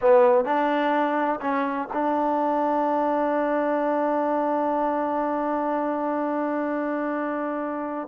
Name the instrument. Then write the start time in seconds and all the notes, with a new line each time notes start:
trombone
0.01 B3
0.44 D4
1.40 C#4
1.93 D4